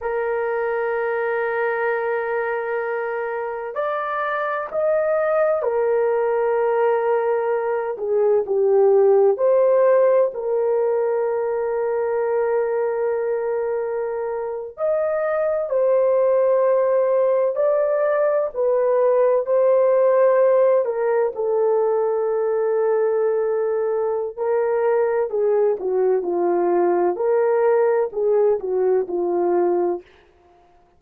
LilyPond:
\new Staff \with { instrumentName = "horn" } { \time 4/4 \tempo 4 = 64 ais'1 | d''4 dis''4 ais'2~ | ais'8 gis'8 g'4 c''4 ais'4~ | ais'2.~ ais'8. dis''16~ |
dis''8. c''2 d''4 b'16~ | b'8. c''4. ais'8 a'4~ a'16~ | a'2 ais'4 gis'8 fis'8 | f'4 ais'4 gis'8 fis'8 f'4 | }